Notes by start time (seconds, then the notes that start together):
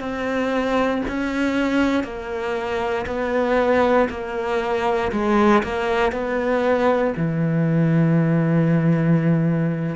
0.00 C4
1.08 C#4
2.03 A#3
3.06 B3
4.10 A#3
5.12 G#3
5.63 A#3
6.12 B3
7.16 E3